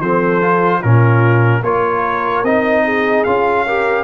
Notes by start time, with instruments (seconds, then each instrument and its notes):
0.00 tuba F3, trombone C4, horn A4, trumpet C5
0.41 trombone F4
0.80 tuba A#2, trombone C#4, horn F4, trumpet A#4
1.62 tuba A#3, trombone F4, horn A#4, trumpet C#5
2.43 tuba C4, trombone D#4, trumpet D#5
2.84 horn G#4
3.24 tuba C#4, trombone F4, trumpet F5
3.65 trombone G4, horn A#4